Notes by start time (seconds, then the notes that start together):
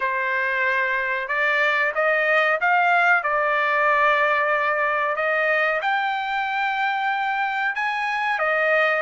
0.00 C5
1.27 D5
1.94 D#5
2.60 F5
3.23 D5
5.16 D#5
5.81 G5
7.75 G#5
8.39 D#5